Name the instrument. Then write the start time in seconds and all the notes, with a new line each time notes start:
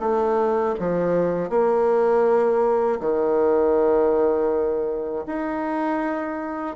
bassoon
0.00 A3
0.79 F3
1.50 A#3
3.00 D#3
5.27 D#4